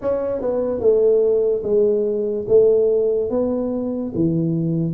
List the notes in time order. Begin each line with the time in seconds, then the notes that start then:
0.01 C#4
0.41 B3
0.80 A3
1.63 G#3
2.48 A3
3.30 B3
4.15 E3